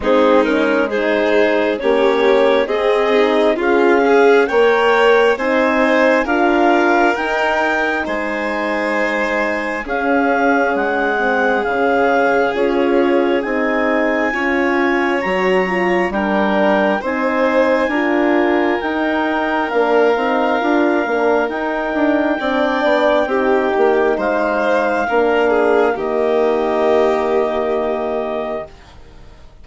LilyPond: <<
  \new Staff \with { instrumentName = "clarinet" } { \time 4/4 \tempo 4 = 67 gis'8 ais'8 c''4 cis''4 dis''4 | f''4 g''4 gis''4 f''4 | g''4 gis''2 f''4 | fis''4 f''4 cis''4 gis''4~ |
gis''4 ais''4 g''4 gis''4~ | gis''4 g''4 f''2 | g''2. f''4~ | f''4 dis''2. | }
  \new Staff \with { instrumentName = "violin" } { \time 4/4 dis'4 gis'4 g'4 gis'4 | f'8 gis'8 cis''4 c''4 ais'4~ | ais'4 c''2 gis'4~ | gis'1 |
cis''2 ais'4 c''4 | ais'1~ | ais'4 d''4 g'4 c''4 | ais'8 gis'8 g'2. | }
  \new Staff \with { instrumentName = "horn" } { \time 4/4 c'8 cis'8 dis'4 cis'4 c'8 dis'8 | gis'4 ais'4 dis'4 f'4 | dis'2. cis'4~ | cis'8 c'8 cis'4 f'4 dis'4 |
f'4 fis'8 f'8 d'4 dis'4 | f'4 dis'4 d'8 dis'8 f'8 d'8 | dis'4 d'4 dis'2 | d'4 ais2. | }
  \new Staff \with { instrumentName = "bassoon" } { \time 4/4 gis2 ais4 c'4 | cis'4 ais4 c'4 d'4 | dis'4 gis2 cis'4 | gis4 cis4 cis'4 c'4 |
cis'4 fis4 g4 c'4 | d'4 dis'4 ais8 c'8 d'8 ais8 | dis'8 d'8 c'8 b8 c'8 ais8 gis4 | ais4 dis2. | }
>>